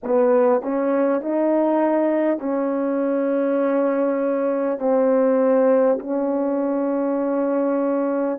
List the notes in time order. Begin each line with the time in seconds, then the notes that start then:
0.03 B3
0.62 C#4
1.21 D#4
2.38 C#4
4.78 C4
5.99 C#4